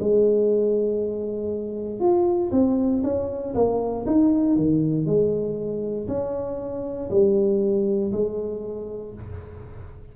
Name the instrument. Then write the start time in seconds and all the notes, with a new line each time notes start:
tuba
0.00 G#3
2.00 F4
2.52 C4
3.04 C#4
3.55 A#3
4.06 D#4
4.56 D#3
5.06 G#3
6.08 C#4
7.10 G3
8.12 G#3